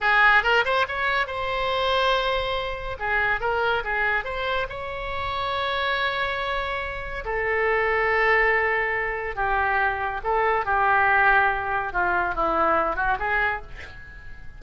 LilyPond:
\new Staff \with { instrumentName = "oboe" } { \time 4/4 \tempo 4 = 141 gis'4 ais'8 c''8 cis''4 c''4~ | c''2. gis'4 | ais'4 gis'4 c''4 cis''4~ | cis''1~ |
cis''4 a'2.~ | a'2 g'2 | a'4 g'2. | f'4 e'4. fis'8 gis'4 | }